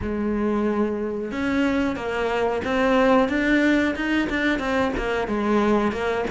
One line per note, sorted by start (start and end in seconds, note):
0.02 1.31 G#3
1.31 1.96 C#4
1.96 2.62 A#3
2.64 3.28 C4
3.28 3.94 D4
3.95 4.28 D#4
4.29 4.59 D4
4.59 4.92 C4
4.96 5.27 A#3
5.27 5.92 G#3
5.92 6.25 A#3